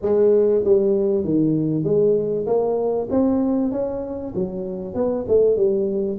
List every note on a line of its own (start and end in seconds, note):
0.02 0.64 G#3
0.64 1.24 G3
1.24 1.84 D#3
1.84 2.46 G#3
2.46 3.08 A#3
3.10 3.71 C4
3.71 4.33 C#4
4.35 4.94 F#3
4.94 5.25 B3
5.27 5.56 A3
5.56 6.18 G3